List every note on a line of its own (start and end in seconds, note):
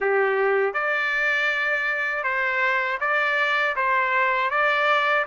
0.00 0.73 G4
0.73 2.23 D5
2.23 2.98 C5
3.00 3.75 D5
3.76 4.50 C5
4.50 5.25 D5